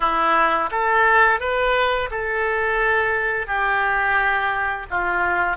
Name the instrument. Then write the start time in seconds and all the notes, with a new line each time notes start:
oboe
0.00 E4
0.71 A4
1.40 B4
2.10 A4
3.46 G4
4.90 F4